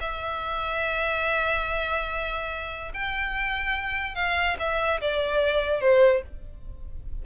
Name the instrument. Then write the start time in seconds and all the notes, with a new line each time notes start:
violin
0.00 E5
2.94 G5
4.15 F5
4.59 E5
5.01 D5
5.81 C5